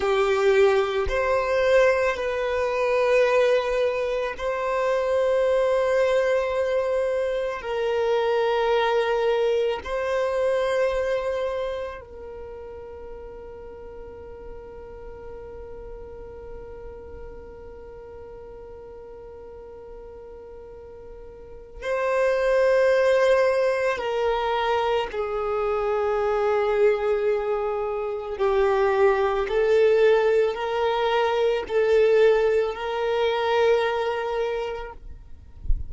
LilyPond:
\new Staff \with { instrumentName = "violin" } { \time 4/4 \tempo 4 = 55 g'4 c''4 b'2 | c''2. ais'4~ | ais'4 c''2 ais'4~ | ais'1~ |
ais'1 | c''2 ais'4 gis'4~ | gis'2 g'4 a'4 | ais'4 a'4 ais'2 | }